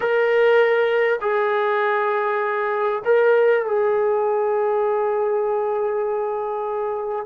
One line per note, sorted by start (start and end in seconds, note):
0.00 1.19 A#4
1.21 3.02 G#4
3.04 3.65 A#4
3.65 7.25 G#4